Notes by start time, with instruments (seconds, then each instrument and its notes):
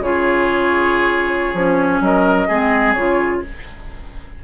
0.00 bassoon C#3, clarinet F4, oboe G#4, flute C#5
1.54 bassoon F3, clarinet C#4
2.00 bassoon F#3, oboe A#4, flute D#5
2.48 bassoon G#3, clarinet C4, oboe G#4
2.93 bassoon C#3, clarinet F4, flute C#5